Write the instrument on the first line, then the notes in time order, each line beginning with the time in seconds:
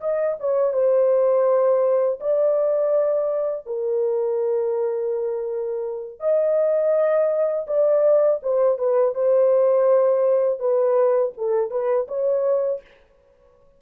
horn
0.00 D#5
0.40 C#5
0.73 C5
2.20 D5
3.66 A#4
6.20 D#5
7.67 D5
8.42 C5
8.78 B4
9.15 C5
10.59 B4
11.37 A4
11.70 B4
12.08 C#5